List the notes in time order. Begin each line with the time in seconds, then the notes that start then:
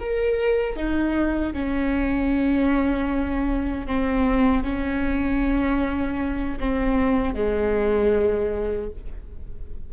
0.00 A#4
0.76 D#4
1.53 C#4
3.87 C4
4.64 C#4
6.60 C4
7.35 G#3